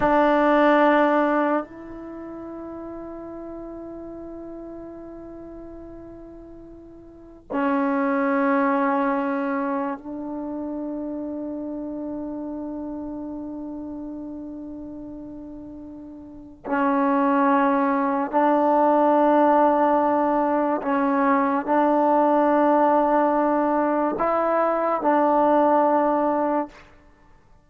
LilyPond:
\new Staff \with { instrumentName = "trombone" } { \time 4/4 \tempo 4 = 72 d'2 e'2~ | e'1~ | e'4 cis'2. | d'1~ |
d'1 | cis'2 d'2~ | d'4 cis'4 d'2~ | d'4 e'4 d'2 | }